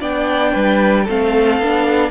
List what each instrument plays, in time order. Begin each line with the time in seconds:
0.00 cello B3, viola D4, violin D5 G5
0.53 cello G3, violin B4
1.04 cello A3, viola C4, violin A4 F5
1.59 cello B3, viola D4